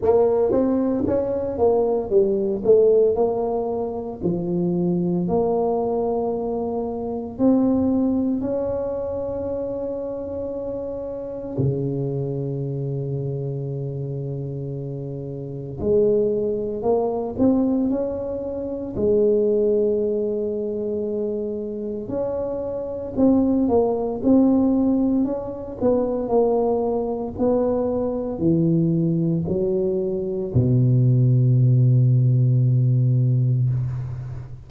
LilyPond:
\new Staff \with { instrumentName = "tuba" } { \time 4/4 \tempo 4 = 57 ais8 c'8 cis'8 ais8 g8 a8 ais4 | f4 ais2 c'4 | cis'2. cis4~ | cis2. gis4 |
ais8 c'8 cis'4 gis2~ | gis4 cis'4 c'8 ais8 c'4 | cis'8 b8 ais4 b4 e4 | fis4 b,2. | }